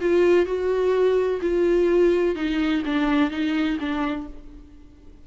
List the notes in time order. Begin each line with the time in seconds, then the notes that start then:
0.00 F4
0.45 F#4
1.41 F4
2.35 D#4
2.85 D4
3.30 D#4
3.79 D4